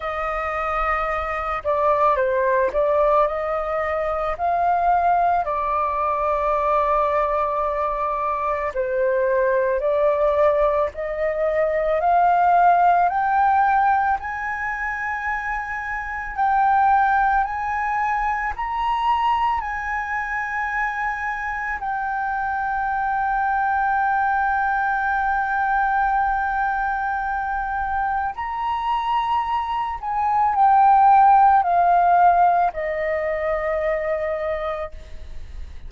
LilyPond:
\new Staff \with { instrumentName = "flute" } { \time 4/4 \tempo 4 = 55 dis''4. d''8 c''8 d''8 dis''4 | f''4 d''2. | c''4 d''4 dis''4 f''4 | g''4 gis''2 g''4 |
gis''4 ais''4 gis''2 | g''1~ | g''2 ais''4. gis''8 | g''4 f''4 dis''2 | }